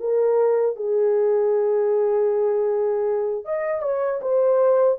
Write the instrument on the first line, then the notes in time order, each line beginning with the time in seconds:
horn
0.00 A#4
0.76 G#4
3.45 D#5
3.81 C#5
4.21 C5